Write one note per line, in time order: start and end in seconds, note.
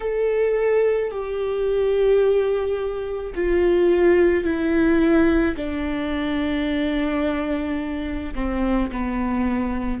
0.00 1.11 A4
1.11 3.33 G4
3.35 4.43 F4
4.43 5.55 E4
5.56 8.34 D4
8.34 8.90 C4
8.91 10.00 B3